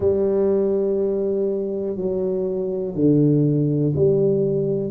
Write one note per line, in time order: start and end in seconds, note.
0.00 1.96 G3
1.96 2.94 F#3
2.94 3.93 D3
3.95 4.90 G3